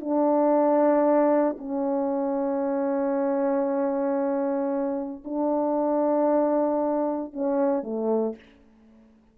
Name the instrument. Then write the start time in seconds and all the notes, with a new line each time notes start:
horn
0.00 D4
1.58 C#4
5.24 D4
7.33 C#4
7.83 A3